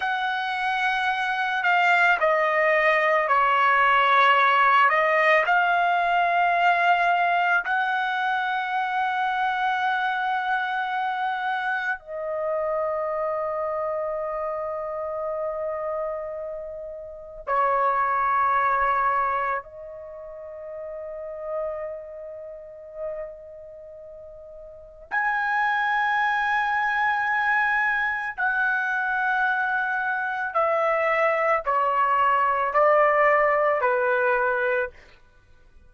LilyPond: \new Staff \with { instrumentName = "trumpet" } { \time 4/4 \tempo 4 = 55 fis''4. f''8 dis''4 cis''4~ | cis''8 dis''8 f''2 fis''4~ | fis''2. dis''4~ | dis''1 |
cis''2 dis''2~ | dis''2. gis''4~ | gis''2 fis''2 | e''4 cis''4 d''4 b'4 | }